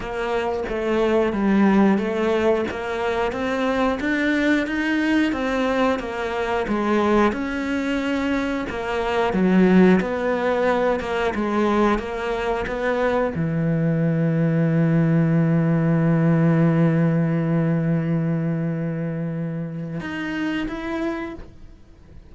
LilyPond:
\new Staff \with { instrumentName = "cello" } { \time 4/4 \tempo 4 = 90 ais4 a4 g4 a4 | ais4 c'4 d'4 dis'4 | c'4 ais4 gis4 cis'4~ | cis'4 ais4 fis4 b4~ |
b8 ais8 gis4 ais4 b4 | e1~ | e1~ | e2 dis'4 e'4 | }